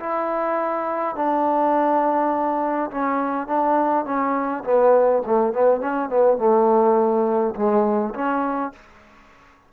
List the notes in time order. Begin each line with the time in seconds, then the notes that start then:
0.00 E4
1.16 D4
2.91 C#4
3.47 D4
4.06 C#4
4.64 B3
5.26 A3
5.53 B3
5.81 C#4
6.10 B3
6.38 A3
7.56 G#3
8.14 C#4